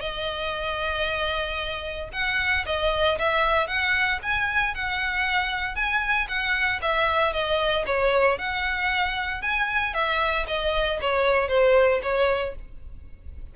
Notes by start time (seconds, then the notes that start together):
0.00 D#5
2.13 F#5
2.66 D#5
3.18 E5
3.67 F#5
4.22 G#5
4.74 F#5
5.75 G#5
6.28 F#5
6.82 E5
7.33 D#5
7.86 C#5
8.38 F#5
9.42 G#5
9.94 E5
10.47 D#5
11.01 C#5
11.48 C5
12.03 C#5